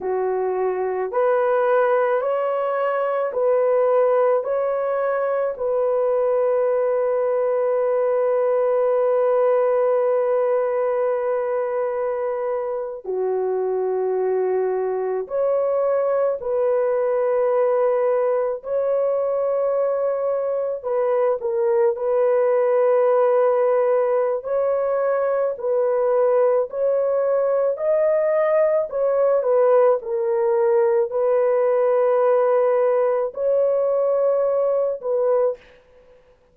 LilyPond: \new Staff \with { instrumentName = "horn" } { \time 4/4 \tempo 4 = 54 fis'4 b'4 cis''4 b'4 | cis''4 b'2.~ | b'2.~ b'8. fis'16~ | fis'4.~ fis'16 cis''4 b'4~ b'16~ |
b'8. cis''2 b'8 ais'8 b'16~ | b'2 cis''4 b'4 | cis''4 dis''4 cis''8 b'8 ais'4 | b'2 cis''4. b'8 | }